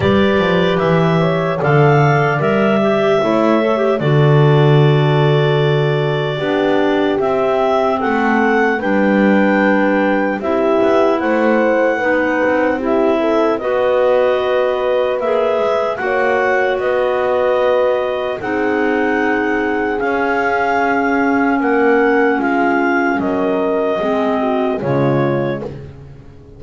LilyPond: <<
  \new Staff \with { instrumentName = "clarinet" } { \time 4/4 \tempo 4 = 75 d''4 e''4 f''4 e''4~ | e''4 d''2.~ | d''4 e''4 fis''4 g''4~ | g''4 e''4 fis''2 |
e''4 dis''2 e''4 | fis''4 dis''2 fis''4~ | fis''4 f''2 fis''4 | f''4 dis''2 cis''4 | }
  \new Staff \with { instrumentName = "horn" } { \time 4/4 b'4. cis''8 d''2 | cis''4 a'2. | g'2 a'4 b'4~ | b'4 g'4 c''4 b'4 |
g'8 a'8 b'2. | cis''4 b'2 gis'4~ | gis'2. ais'4 | f'4 ais'4 gis'8 fis'8 f'4 | }
  \new Staff \with { instrumentName = "clarinet" } { \time 4/4 g'2 a'4 ais'8 g'8 | e'8 a'16 g'16 fis'2. | d'4 c'2 d'4~ | d'4 e'2 dis'4 |
e'4 fis'2 gis'4 | fis'2. dis'4~ | dis'4 cis'2.~ | cis'2 c'4 gis4 | }
  \new Staff \with { instrumentName = "double bass" } { \time 4/4 g8 f8 e4 d4 g4 | a4 d2. | b4 c'4 a4 g4~ | g4 c'8 b8 a4 b8 c'8~ |
c'4 b2 ais8 gis8 | ais4 b2 c'4~ | c'4 cis'2 ais4 | gis4 fis4 gis4 cis4 | }
>>